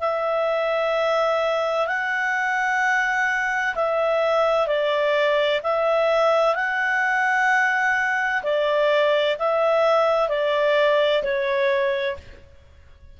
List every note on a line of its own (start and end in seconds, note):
0.00 1.87 E5
1.87 3.75 F#5
3.75 4.67 E5
4.67 5.61 D5
5.63 6.55 E5
6.55 8.42 F#5
8.43 9.37 D5
9.39 10.29 E5
10.29 11.22 D5
11.23 12.17 C#5